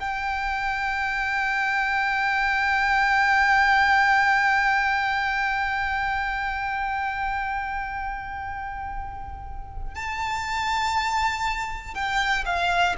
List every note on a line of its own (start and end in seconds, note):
0.00 9.95 G5
9.95 11.95 A5
11.95 12.45 G5
12.46 12.96 F5